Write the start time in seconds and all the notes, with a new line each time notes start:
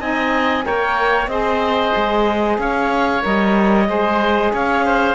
0.00 C4 D#4 D#5 G#5
0.64 A#3 A#4 C#5 G5
1.27 C4 G#4 C5 D#5
1.96 G#3
2.58 C#4 C#5 F5
3.21 G3 A#4 D#5
3.87 G#3 G#4 C5
4.53 C#4 C#5 F5
4.85 C5